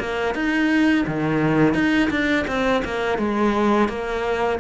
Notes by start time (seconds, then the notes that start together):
0.00 A#3
0.35 D#4
1.07 D#3
1.74 D#4
2.10 D4
2.47 C4
2.85 A#3
3.18 G#3
3.89 A#3